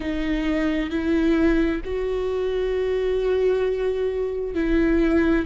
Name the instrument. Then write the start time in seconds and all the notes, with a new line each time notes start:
viola
0.00 D#4
0.90 E4
1.84 F#4
4.54 E4